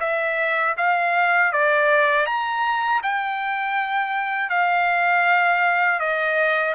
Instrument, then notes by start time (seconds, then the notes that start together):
trumpet
0.00 E5
0.77 F5
1.52 D5
2.26 A#5
3.03 G5
4.50 F5
5.99 D#5